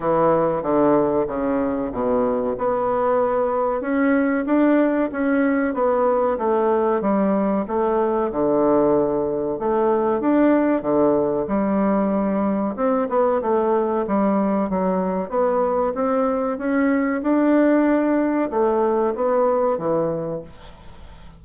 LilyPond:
\new Staff \with { instrumentName = "bassoon" } { \time 4/4 \tempo 4 = 94 e4 d4 cis4 b,4 | b2 cis'4 d'4 | cis'4 b4 a4 g4 | a4 d2 a4 |
d'4 d4 g2 | c'8 b8 a4 g4 fis4 | b4 c'4 cis'4 d'4~ | d'4 a4 b4 e4 | }